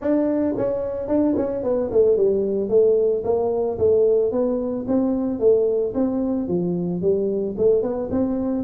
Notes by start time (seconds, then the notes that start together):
0.01 D4
0.57 C#4
1.08 D4
1.37 C#4
1.63 B3
1.91 A3
2.16 G3
2.69 A3
3.24 A#3
3.78 A3
4.31 B3
4.87 C4
5.39 A3
5.94 C4
6.48 F3
7.01 G3
7.57 A3
7.82 B3
8.10 C4